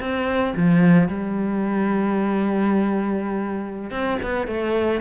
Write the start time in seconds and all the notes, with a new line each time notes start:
0.00 C4
0.57 F3
1.09 G3
3.91 C4
4.23 B3
4.47 A3